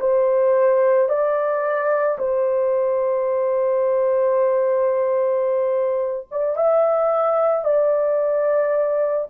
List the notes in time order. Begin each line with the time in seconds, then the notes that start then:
0.00 C5
1.09 D5
2.18 C5
6.31 D5
6.56 E5
7.64 D5